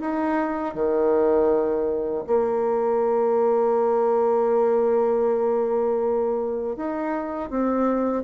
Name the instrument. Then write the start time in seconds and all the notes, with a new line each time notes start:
bassoon
0.00 D#4
0.74 D#3
2.26 A#3
6.76 D#4
7.49 C4